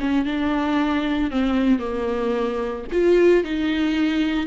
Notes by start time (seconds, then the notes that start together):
0.00 C#4
0.25 D4
1.31 C4
1.79 A#3
2.92 F4
3.44 D#4